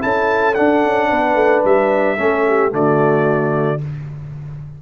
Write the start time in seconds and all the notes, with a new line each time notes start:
0.00 C#4 E4 A4 A5
0.55 D4 F#5
0.86 C#4
1.10 B3 B4
1.36 A3
1.65 G3 E5
2.17 A3 C#4 A4
2.47 G4
2.71 D3 A3 F#4 D5